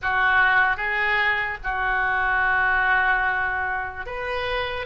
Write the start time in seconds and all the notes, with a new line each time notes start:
0.02 F#4
0.77 G#4
1.63 F#4
4.05 B4